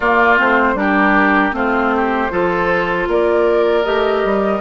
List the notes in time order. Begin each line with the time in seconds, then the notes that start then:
0.00 A#3 F4 D5
0.37 A3 C4 C5
0.74 G3 D4 G4 A#4
1.52 A3 C4 F4 C5
1.96 G4
2.30 F3 F4 A4
3.07 A#3 A#4 D5
3.84 A3 G4 D#5
4.24 G3